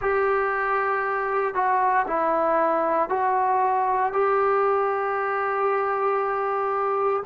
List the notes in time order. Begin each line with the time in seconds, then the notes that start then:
0.00 G4
1.54 F#4
2.07 E4
3.09 F#4
4.12 G4